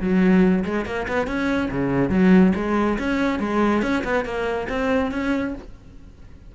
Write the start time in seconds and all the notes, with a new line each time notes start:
0.00 F#3
0.64 G#3
0.85 A#3
1.07 B3
1.27 C#4
1.70 C#3
2.10 F#3
2.55 G#3
2.98 C#4
3.39 G#3
3.82 C#4
4.04 B3
4.25 A#3
4.69 C4
5.11 C#4